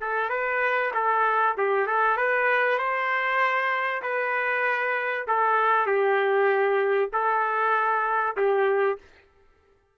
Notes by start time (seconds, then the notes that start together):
0.00 A4
0.29 B4
0.94 A4
1.57 G4
1.86 A4
2.17 B4
2.78 C5
4.02 B4
5.27 A4
5.86 G4
7.12 A4
8.36 G4